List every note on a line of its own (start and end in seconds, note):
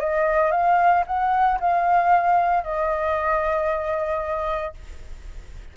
0.00 0.52 D#5
0.52 1.05 F5
1.07 1.60 F#5
1.61 2.64 F5
2.64 4.75 D#5